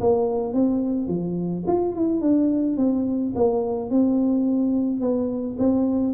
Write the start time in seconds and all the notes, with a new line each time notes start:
0.00 A#3
0.54 C4
1.08 F3
1.67 F4
1.95 E4
2.21 D4
2.77 C4
3.35 A#3
3.90 C4
5.00 B3
5.58 C4